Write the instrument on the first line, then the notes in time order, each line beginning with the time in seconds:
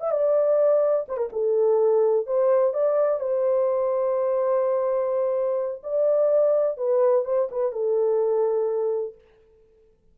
horn
0.00 E5
0.11 D5
1.08 C5
1.17 A#4
1.32 A4
2.26 C5
2.73 D5
3.20 C5
5.83 D5
6.77 B4
7.25 C5
7.51 B4
7.72 A4